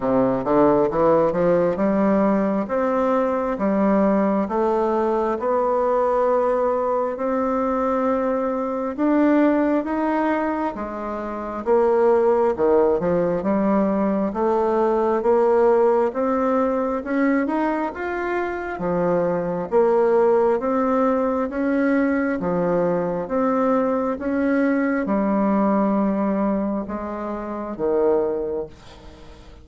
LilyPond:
\new Staff \with { instrumentName = "bassoon" } { \time 4/4 \tempo 4 = 67 c8 d8 e8 f8 g4 c'4 | g4 a4 b2 | c'2 d'4 dis'4 | gis4 ais4 dis8 f8 g4 |
a4 ais4 c'4 cis'8 dis'8 | f'4 f4 ais4 c'4 | cis'4 f4 c'4 cis'4 | g2 gis4 dis4 | }